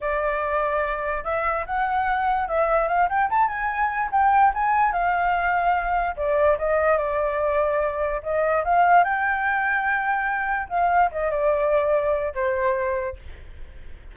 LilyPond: \new Staff \with { instrumentName = "flute" } { \time 4/4 \tempo 4 = 146 d''2. e''4 | fis''2 e''4 f''8 g''8 | a''8 gis''4. g''4 gis''4 | f''2. d''4 |
dis''4 d''2. | dis''4 f''4 g''2~ | g''2 f''4 dis''8 d''8~ | d''2 c''2 | }